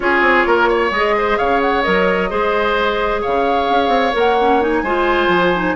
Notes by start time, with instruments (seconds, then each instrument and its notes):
0.00 bassoon C#4, clarinet F4, oboe G#4, flute C#5
0.21 bassoon C4
0.46 bassoon A#3, oboe A#4
0.69 oboe C#5
0.90 bassoon G#3, clarinet G#4, flute D#5
1.17 oboe C5
1.37 bassoon C#3, oboe C#5, flute F5
1.61 flute F#5
1.82 bassoon F#3, clarinet A#4, flute D#5
2.29 bassoon G#3, clarinet G#4, oboe C5
3.21 bassoon C#3, oboe C#5, flute F5
3.69 bassoon C#4
3.88 bassoon C4
4.13 bassoon A#3, clarinet A#4, flute F#5
4.40 clarinet C#4
4.61 clarinet D#4, flute G#5
4.83 bassoon G#3, clarinet F4, oboe C5
5.27 bassoon F3
5.55 clarinet D#4